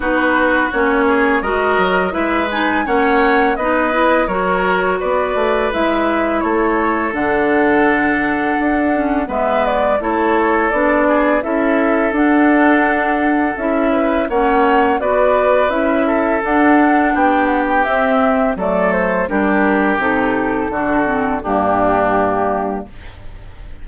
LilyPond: <<
  \new Staff \with { instrumentName = "flute" } { \time 4/4 \tempo 4 = 84 b'4 cis''4 dis''4 e''8 gis''8 | fis''4 dis''4 cis''4 d''4 | e''4 cis''4 fis''2~ | fis''4 e''8 d''8 cis''4 d''4 |
e''4 fis''2 e''4 | fis''4 d''4 e''4 fis''4 | g''8 fis''16 g''16 e''4 d''8 c''8 ais'4 | a'2 g'2 | }
  \new Staff \with { instrumentName = "oboe" } { \time 4/4 fis'4. gis'8 ais'4 b'4 | cis''4 b'4 ais'4 b'4~ | b'4 a'2.~ | a'4 b'4 a'4. gis'8 |
a'2.~ a'8 b'8 | cis''4 b'4. a'4. | g'2 a'4 g'4~ | g'4 fis'4 d'2 | }
  \new Staff \with { instrumentName = "clarinet" } { \time 4/4 dis'4 cis'4 fis'4 e'8 dis'8 | cis'4 dis'8 e'8 fis'2 | e'2 d'2~ | d'8 cis'8 b4 e'4 d'4 |
e'4 d'2 e'4 | cis'4 fis'4 e'4 d'4~ | d'4 c'4 a4 d'4 | dis'4 d'8 c'8 ais2 | }
  \new Staff \with { instrumentName = "bassoon" } { \time 4/4 b4 ais4 gis8 fis8 gis4 | ais4 b4 fis4 b8 a8 | gis4 a4 d2 | d'4 gis4 a4 b4 |
cis'4 d'2 cis'4 | ais4 b4 cis'4 d'4 | b4 c'4 fis4 g4 | c4 d4 g,2 | }
>>